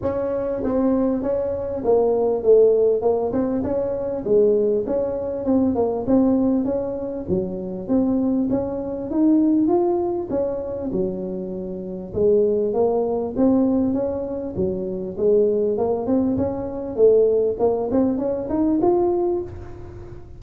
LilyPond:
\new Staff \with { instrumentName = "tuba" } { \time 4/4 \tempo 4 = 99 cis'4 c'4 cis'4 ais4 | a4 ais8 c'8 cis'4 gis4 | cis'4 c'8 ais8 c'4 cis'4 | fis4 c'4 cis'4 dis'4 |
f'4 cis'4 fis2 | gis4 ais4 c'4 cis'4 | fis4 gis4 ais8 c'8 cis'4 | a4 ais8 c'8 cis'8 dis'8 f'4 | }